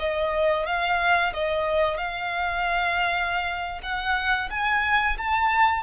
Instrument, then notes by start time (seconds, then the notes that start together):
violin
0.00 D#5
0.67 F5
1.34 D#5
1.98 F5
3.83 F#5
4.51 G#5
5.18 A5